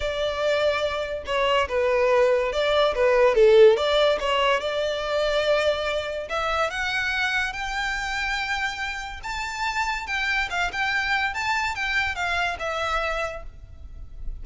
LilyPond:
\new Staff \with { instrumentName = "violin" } { \time 4/4 \tempo 4 = 143 d''2. cis''4 | b'2 d''4 b'4 | a'4 d''4 cis''4 d''4~ | d''2. e''4 |
fis''2 g''2~ | g''2 a''2 | g''4 f''8 g''4. a''4 | g''4 f''4 e''2 | }